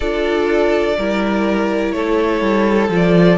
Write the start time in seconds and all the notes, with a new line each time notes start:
0.00 D4 F4 A4 D5
0.97 G3 E4 A#4
1.92 A3 A4 C#5
2.41 G3
2.89 F3 F4
2.95 D5